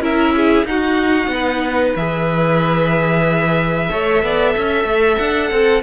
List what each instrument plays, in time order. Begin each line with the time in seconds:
0.00 cello C#4, viola E4, violin A#4 E5
0.36 violin G#4
0.65 cello D#4, viola D#4, violin F#4 F#5
1.28 cello B3
1.34 violin B4
1.96 cello E3, viola G#4, violin E5
3.90 cello A3, viola A4, violin C#5
4.23 cello B3, violin D5
4.52 cello C#4, violin E5
4.85 cello A3
5.17 cello D4, violin F#5
5.51 cello C4, violin A4